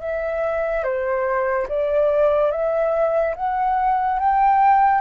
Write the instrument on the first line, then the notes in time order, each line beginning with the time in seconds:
flute
0.00 E5
0.83 C5
1.68 D5
2.51 E5
3.35 F#5
4.19 G5